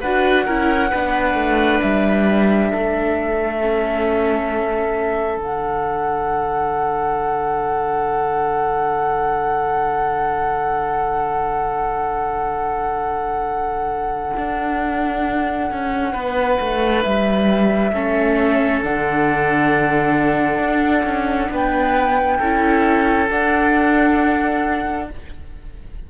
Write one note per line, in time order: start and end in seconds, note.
0.00 0.47 D4
0.00 0.48 F#4
0.00 0.45 B4
0.00 1.79 F#5
0.45 0.92 C#4
0.45 0.92 E4
0.45 0.90 A#4
0.90 1.34 B3
0.90 3.60 D4
0.90 2.69 B4
1.34 1.79 A3
1.81 2.73 G3
1.81 5.39 E5
2.71 5.36 A3
2.71 16.12 A4
3.60 5.38 C#4
5.36 14.32 D3
5.36 17.92 D4
5.36 17.01 F#5
14.36 15.71 D4
15.71 16.14 C#4
16.12 16.59 B3
16.12 17.91 B4
16.60 17.04 A3
17.01 17.92 G3
17.01 18.80 E5
17.92 18.81 A3
17.92 18.83 C#4
17.92 21.51 A4
18.83 20.58 D3
18.83 22.41 D4
18.83 21.51 F#5
20.58 21.03 D4
21.04 21.48 C#4
21.50 22.40 B3
21.50 22.38 B4
21.50 23.29 G5
22.38 23.30 C#4
22.38 23.29 E4
22.38 25.07 A4
23.29 25.08 D4
23.29 25.10 D4
23.29 25.08 F#5